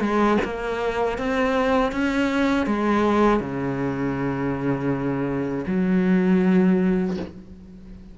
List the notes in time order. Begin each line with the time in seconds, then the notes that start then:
0.00 G#3
0.44 A#3
1.18 C4
1.92 C#4
2.66 G#3
3.40 C#3
5.67 F#3